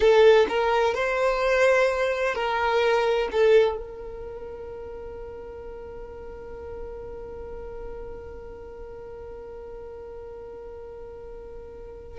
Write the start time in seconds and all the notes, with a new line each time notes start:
0.00 A4
0.49 A#4
0.94 C5
2.34 A#4
3.31 A4
3.77 A#4